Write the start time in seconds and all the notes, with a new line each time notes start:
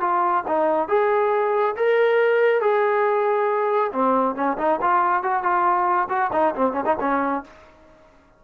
0.00 F4
0.47 D#4
0.88 G#4
1.76 A#4
2.61 G#4
3.92 C4
4.35 C#4
4.58 D#4
4.81 F4
5.23 F#4
5.43 F4
6.09 F#4
6.33 D#4
6.55 C4
6.73 C#4
6.85 D#4
7.00 C#4